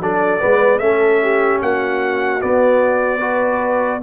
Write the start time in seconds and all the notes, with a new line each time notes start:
0.00 F#3 D4 A4 D5
0.39 G#3 B3 B4
0.79 A3 C#4 A4 E5
1.23 G4
1.62 A#3 F#4 F#5
2.40 B3 D5
3.20 F#4 B4